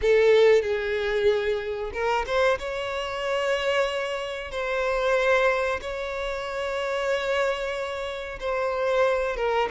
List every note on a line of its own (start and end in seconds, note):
0.01 0.62 A4
0.62 1.91 G#4
1.93 2.25 A#4
2.26 2.58 C5
2.58 4.51 C#5
4.51 5.80 C5
5.81 8.39 C#5
8.40 9.36 C5
9.36 9.68 A#4